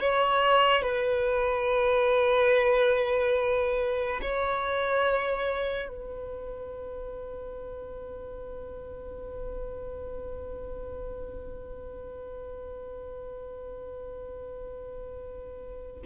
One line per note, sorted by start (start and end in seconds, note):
0.00 0.82 C#5
0.82 4.20 B4
4.21 5.88 C#5
5.88 16.02 B4